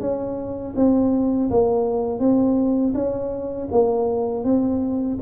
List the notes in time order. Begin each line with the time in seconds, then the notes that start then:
0.00 C#4
0.76 C4
1.50 A#3
2.19 C4
2.94 C#4
3.71 A#3
4.44 C4